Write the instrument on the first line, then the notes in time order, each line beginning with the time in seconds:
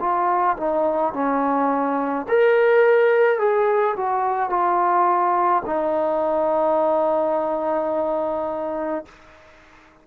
trombone
0.00 F4
0.57 D#4
1.13 C#4
2.28 A#4
3.39 G#4
3.96 F#4
4.50 F4
5.66 D#4